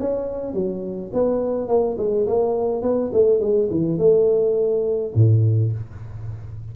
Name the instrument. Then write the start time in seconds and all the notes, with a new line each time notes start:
tuba
0.00 C#4
0.54 F#3
1.13 B3
1.68 A#3
1.98 G#3
2.27 A#3
2.82 B3
3.13 A3
3.40 G#3
3.71 E3
3.98 A3
5.15 A2